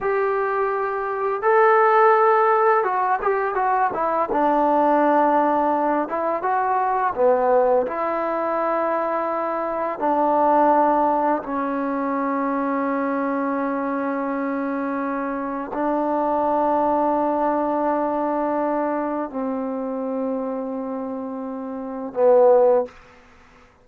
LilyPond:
\new Staff \with { instrumentName = "trombone" } { \time 4/4 \tempo 4 = 84 g'2 a'2 | fis'8 g'8 fis'8 e'8 d'2~ | d'8 e'8 fis'4 b4 e'4~ | e'2 d'2 |
cis'1~ | cis'2 d'2~ | d'2. c'4~ | c'2. b4 | }